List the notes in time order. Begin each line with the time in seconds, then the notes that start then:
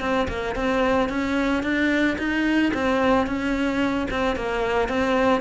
0.00 C4
0.28 A#3
0.55 C4
1.09 C#4
1.63 D4
2.18 D#4
2.73 C4
3.26 C#4
4.10 C4
4.35 A#3
4.88 C4